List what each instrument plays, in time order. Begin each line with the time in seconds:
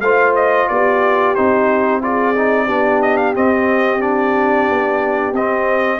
0.00 tuba A3, trombone F4, horn C5, trumpet F5
0.35 trumpet D#5
0.68 tuba B3, horn G4, trumpet D5
1.34 tuba C4, trombone D#4, trumpet C5
2.01 trombone F4, horn G#4, trumpet D5
2.34 trombone D#4
2.65 tuba B3, trombone D4, horn G4
3.02 trumpet D#5
3.17 trumpet F5
3.34 trombone C4, tuba C4, trumpet D#5
3.99 trombone D4, trumpet D5
4.69 tuba B3
5.32 tuba C4, trombone C4, trumpet D#5